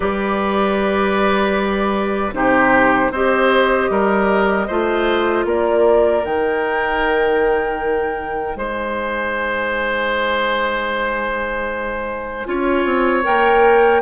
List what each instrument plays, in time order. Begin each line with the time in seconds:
0.00 bassoon G3, clarinet G4, oboe B4, flute D5
2.33 bassoon C3, clarinet D#4, oboe G4, flute C5
3.10 bassoon C4, clarinet G4, oboe C5, flute D#5
3.89 bassoon G3, oboe A#4
4.67 bassoon A3, clarinet F4, oboe C5
5.44 bassoon A#3, oboe A#4, flute D5
6.23 bassoon D#3, clarinet D#4, flute G5
8.55 bassoon G#3, oboe C5, flute G#5
12.45 bassoon C#4, clarinet F4, oboe C#5
12.85 bassoon C4
13.23 bassoon A#3, clarinet A#4, flute G5